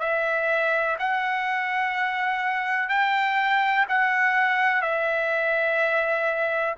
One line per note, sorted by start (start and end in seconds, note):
0.00 0.97 E5
0.99 2.89 F#5
2.89 3.86 G5
3.88 4.82 F#5
4.82 6.75 E5